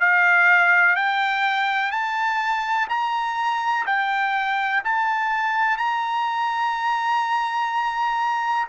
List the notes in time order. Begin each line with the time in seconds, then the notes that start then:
0.00 F5
0.96 G5
1.91 A5
2.89 A#5
3.86 G5
4.84 A5
5.77 A#5